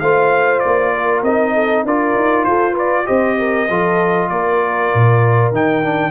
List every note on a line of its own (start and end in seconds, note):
0.00 0.62 A3
0.00 1.26 F4
0.00 0.93 C5
0.00 0.59 F5
0.59 1.21 D5
0.66 1.22 A#3
0.95 1.54 A#4
1.22 1.84 C4
1.22 1.87 D#4
1.22 1.85 D#5
1.54 1.85 A4
1.84 2.14 D4
1.84 3.05 F4
1.84 2.48 A#4
1.84 2.44 D5
2.15 2.46 D#4
2.44 3.08 F4
2.44 2.72 A4
2.44 2.75 C5
2.72 3.03 B4
2.72 3.07 D5
3.05 3.69 C4
3.05 3.66 G4
3.05 3.38 C5
3.05 4.29 D#5
3.39 3.68 A#4
3.68 4.31 F3
3.68 5.54 F4
3.68 4.30 A4
4.29 4.92 A#3
4.29 6.11 A#4
4.29 5.52 D5
4.94 5.52 A#2
5.52 6.11 D#3
5.52 5.84 D#4
5.52 6.11 G5
5.84 6.11 D4